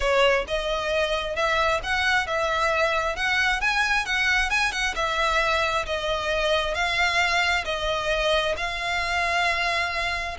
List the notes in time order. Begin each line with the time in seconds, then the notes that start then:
0.00 C#5
0.47 D#5
1.35 E5
1.83 F#5
2.27 E5
3.16 F#5
3.60 G#5
4.05 F#5
4.50 G#5
4.72 F#5
4.95 E5
5.86 D#5
6.74 F5
7.64 D#5
8.57 F5